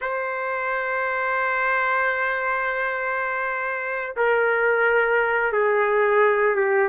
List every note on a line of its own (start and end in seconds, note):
0.01 4.15 C5
4.16 5.52 A#4
5.52 6.55 G#4
6.55 6.89 G4